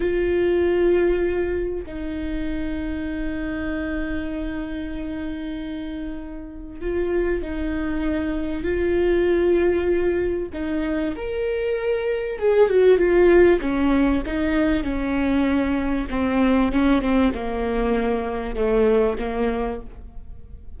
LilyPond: \new Staff \with { instrumentName = "viola" } { \time 4/4 \tempo 4 = 97 f'2. dis'4~ | dis'1~ | dis'2. f'4 | dis'2 f'2~ |
f'4 dis'4 ais'2 | gis'8 fis'8 f'4 cis'4 dis'4 | cis'2 c'4 cis'8 c'8 | ais2 a4 ais4 | }